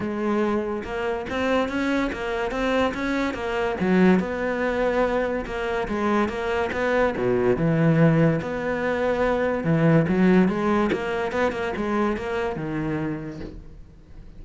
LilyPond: \new Staff \with { instrumentName = "cello" } { \time 4/4 \tempo 4 = 143 gis2 ais4 c'4 | cis'4 ais4 c'4 cis'4 | ais4 fis4 b2~ | b4 ais4 gis4 ais4 |
b4 b,4 e2 | b2. e4 | fis4 gis4 ais4 b8 ais8 | gis4 ais4 dis2 | }